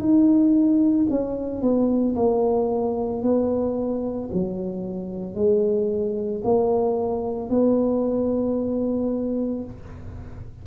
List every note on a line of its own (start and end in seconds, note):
0.00 1.07 D#4
1.10 1.62 C#4
1.62 2.15 B3
2.16 3.22 A#3
3.22 4.30 B3
4.33 5.35 F#3
5.35 6.42 G#3
6.44 7.50 A#3
7.50 9.64 B3